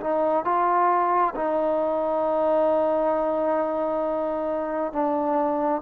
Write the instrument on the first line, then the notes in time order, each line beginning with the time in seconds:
trombone
0.00 D#4
0.44 F4
1.35 D#4
4.92 D4